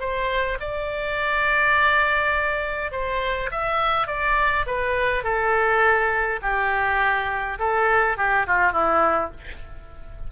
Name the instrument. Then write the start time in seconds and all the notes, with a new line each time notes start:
oboe
0.00 C5
0.60 D5
2.92 C5
3.51 E5
4.07 D5
4.66 B4
5.23 A4
6.42 G4
7.59 A4
8.17 G4
8.47 F4
8.73 E4